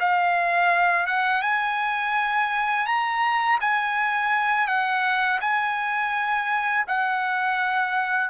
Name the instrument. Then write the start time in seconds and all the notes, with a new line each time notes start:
trumpet
0.00 F5
1.07 F#5
1.42 G#5
2.86 A#5
3.60 G#5
4.67 F#5
5.41 G#5
6.88 F#5